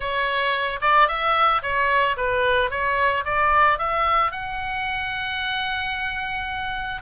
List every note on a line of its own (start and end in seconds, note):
0.00 0.80 C#5
0.81 1.08 D5
1.08 1.62 E5
1.62 2.16 C#5
2.16 2.70 B4
2.70 3.24 C#5
3.24 3.78 D5
3.78 4.31 E5
4.31 7.01 F#5